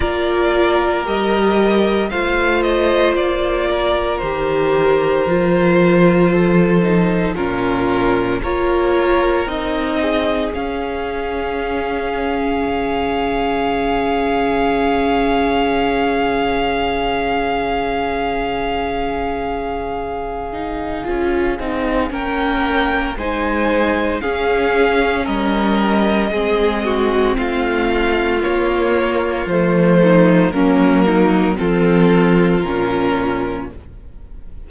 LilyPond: <<
  \new Staff \with { instrumentName = "violin" } { \time 4/4 \tempo 4 = 57 d''4 dis''4 f''8 dis''8 d''4 | c''2. ais'4 | cis''4 dis''4 f''2~ | f''1~ |
f''1~ | f''4 g''4 gis''4 f''4 | dis''2 f''4 cis''4 | c''4 ais'4 a'4 ais'4 | }
  \new Staff \with { instrumentName = "violin" } { \time 4/4 ais'2 c''4. ais'8~ | ais'2 a'4 f'4 | ais'4. gis'2~ gis'8~ | gis'1~ |
gis'1~ | gis'4 ais'4 c''4 gis'4 | ais'4 gis'8 fis'8 f'2~ | f'8 dis'8 cis'8 dis'8 f'2 | }
  \new Staff \with { instrumentName = "viola" } { \time 4/4 f'4 g'4 f'2 | g'4 f'4. dis'8 cis'4 | f'4 dis'4 cis'2~ | cis'1~ |
cis'2.~ cis'8 dis'8 | f'8 dis'8 cis'4 dis'4 cis'4~ | cis'4 c'2 ais4 | a4 ais4 c'4 cis'4 | }
  \new Staff \with { instrumentName = "cello" } { \time 4/4 ais4 g4 a4 ais4 | dis4 f2 ais,4 | ais4 c'4 cis'2 | cis1~ |
cis1 | cis'8 c'8 ais4 gis4 cis'4 | g4 gis4 a4 ais4 | f4 fis4 f4 ais,4 | }
>>